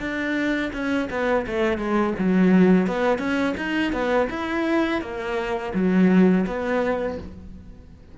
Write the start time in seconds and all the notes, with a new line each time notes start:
0.00 D4
0.73 C#4
1.10 B3
1.47 A3
1.78 G#3
2.19 F#3
2.87 B3
3.19 C#4
3.57 D#4
3.93 B3
4.30 E4
5.01 A#3
5.74 F#3
6.47 B3